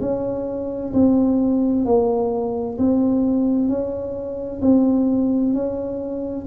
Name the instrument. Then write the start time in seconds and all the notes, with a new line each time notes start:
tuba
0.00 C#4
0.93 C4
1.85 A#3
2.77 C4
3.68 C#4
4.61 C4
5.53 C#4